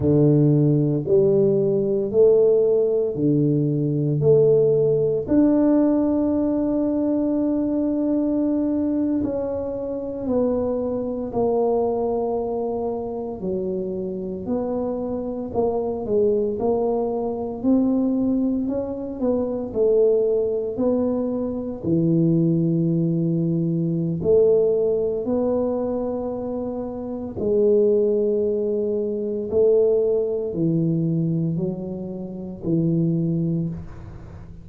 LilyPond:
\new Staff \with { instrumentName = "tuba" } { \time 4/4 \tempo 4 = 57 d4 g4 a4 d4 | a4 d'2.~ | d'8. cis'4 b4 ais4~ ais16~ | ais8. fis4 b4 ais8 gis8 ais16~ |
ais8. c'4 cis'8 b8 a4 b16~ | b8. e2~ e16 a4 | b2 gis2 | a4 e4 fis4 e4 | }